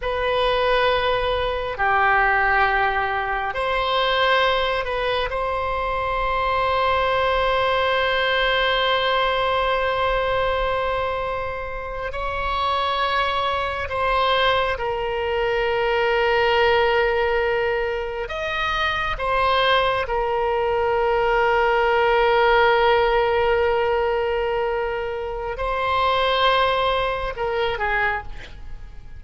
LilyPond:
\new Staff \with { instrumentName = "oboe" } { \time 4/4 \tempo 4 = 68 b'2 g'2 | c''4. b'8 c''2~ | c''1~ | c''4.~ c''16 cis''2 c''16~ |
c''8. ais'2.~ ais'16~ | ais'8. dis''4 c''4 ais'4~ ais'16~ | ais'1~ | ais'4 c''2 ais'8 gis'8 | }